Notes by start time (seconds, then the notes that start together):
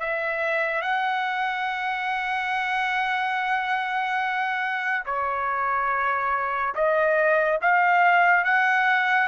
0.00 E5
0.82 F#5
5.06 C#5
6.75 D#5
7.62 F5
8.45 F#5